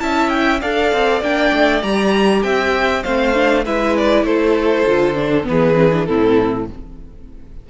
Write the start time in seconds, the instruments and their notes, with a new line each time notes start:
0.00 cello C#4, viola E4, violin E5 A5
0.29 violin G5
0.61 cello D4, viola A4, violin D5 F5
0.93 cello C4
1.21 cello A#3, viola D4, violin G5
1.53 cello A3
1.82 cello G3, viola G4, violin A#5
2.43 cello C4, violin E5 G5
3.03 cello A3, viola C4, violin C5 F5
3.35 viola D4
3.65 cello G#3, viola E4, violin B4 E5
3.97 violin D5
4.23 cello A3, violin A4 C5
4.87 cello D3, viola F4
5.15 viola D4
5.44 cello E3, viola B3, violin B4
5.51 violin G#4
5.74 viola C4
5.92 viola D4
6.06 cello A2, viola C4, violin E4 A4